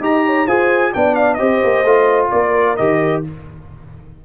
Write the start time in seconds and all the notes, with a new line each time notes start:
0.00 D#4 G4 D#5 A#5
0.25 C#5
0.46 F4 G#4 C5 G#5
0.93 B3 D4 D5 G5
1.15 F5
1.34 C4 G4 C5 D#5
1.64 A#3
1.83 A3 F4
2.31 A#3 A#4 D5
2.76 D#3 G4 D#5